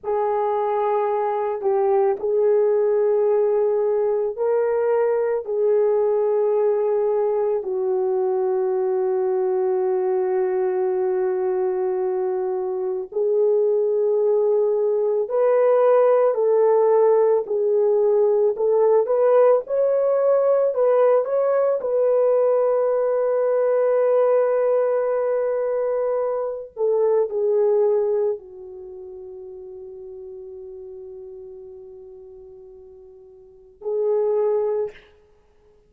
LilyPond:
\new Staff \with { instrumentName = "horn" } { \time 4/4 \tempo 4 = 55 gis'4. g'8 gis'2 | ais'4 gis'2 fis'4~ | fis'1 | gis'2 b'4 a'4 |
gis'4 a'8 b'8 cis''4 b'8 cis''8 | b'1~ | b'8 a'8 gis'4 fis'2~ | fis'2. gis'4 | }